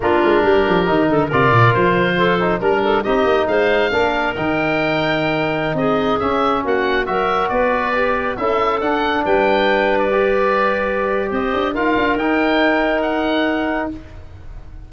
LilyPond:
<<
  \new Staff \with { instrumentName = "oboe" } { \time 4/4 \tempo 4 = 138 ais'2. d''4 | c''2 ais'4 dis''4 | f''2 g''2~ | g''4~ g''16 dis''4 e''4 fis''8.~ |
fis''16 e''4 d''2 e''8.~ | e''16 fis''4 g''4.~ g''16 d''4~ | d''2 dis''4 f''4 | g''2 fis''2 | }
  \new Staff \with { instrumentName = "clarinet" } { \time 4/4 f'4 g'4. a'8 ais'4~ | ais'4 a'4 ais'8 a'8 g'4 | c''4 ais'2.~ | ais'4~ ais'16 gis'2 fis'8.~ |
fis'16 ais'4 b'2 a'8.~ | a'4~ a'16 b'2~ b'8.~ | b'2 c''4 ais'4~ | ais'1 | }
  \new Staff \with { instrumentName = "trombone" } { \time 4/4 d'2 dis'4 f'4~ | f'4. dis'8 d'4 dis'4~ | dis'4 d'4 dis'2~ | dis'2~ dis'16 cis'4.~ cis'16~ |
cis'16 fis'2 g'4 e'8.~ | e'16 d'2. g'8.~ | g'2. f'4 | dis'1 | }
  \new Staff \with { instrumentName = "tuba" } { \time 4/4 ais8 gis8 g8 f8 dis8 d8 c8 ais,8 | f2 g4 c'8 ais8 | gis4 ais4 dis2~ | dis4~ dis16 c'4 cis'4 ais8.~ |
ais16 fis4 b2 cis'8.~ | cis'16 d'4 g2~ g8.~ | g2 c'8 d'8 dis'8 d'8 | dis'1 | }
>>